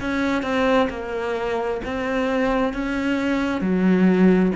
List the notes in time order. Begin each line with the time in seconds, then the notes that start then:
0.00 C#4
0.43 C4
0.90 A#3
1.85 C4
2.73 C#4
3.61 F#3